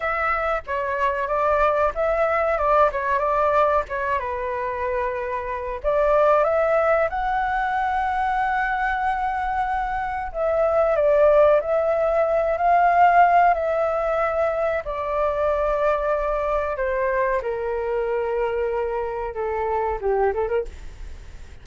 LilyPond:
\new Staff \with { instrumentName = "flute" } { \time 4/4 \tempo 4 = 93 e''4 cis''4 d''4 e''4 | d''8 cis''8 d''4 cis''8 b'4.~ | b'4 d''4 e''4 fis''4~ | fis''1 |
e''4 d''4 e''4. f''8~ | f''4 e''2 d''4~ | d''2 c''4 ais'4~ | ais'2 a'4 g'8 a'16 ais'16 | }